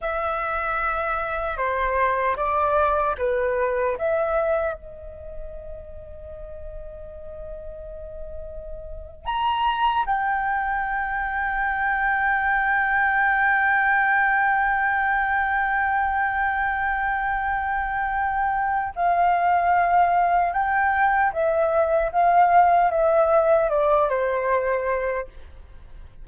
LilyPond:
\new Staff \with { instrumentName = "flute" } { \time 4/4 \tempo 4 = 76 e''2 c''4 d''4 | b'4 e''4 dis''2~ | dis''2.~ dis''8. ais''16~ | ais''8. g''2.~ g''16~ |
g''1~ | g''1 | f''2 g''4 e''4 | f''4 e''4 d''8 c''4. | }